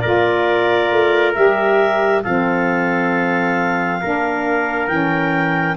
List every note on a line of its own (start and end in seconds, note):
0.00 0.92 A#3
0.00 1.34 F4
0.00 2.22 A#4
0.00 1.32 D5
0.92 1.36 A3
1.34 2.25 G3
1.34 2.23 G4
1.34 2.23 E5
2.24 4.02 F3
2.24 4.02 C4
2.24 4.00 A4
2.24 4.88 F5
4.01 4.88 A#3
4.01 4.89 D4
4.01 5.77 A#4
4.88 5.76 E3
4.88 5.77 C#4
4.88 5.76 G5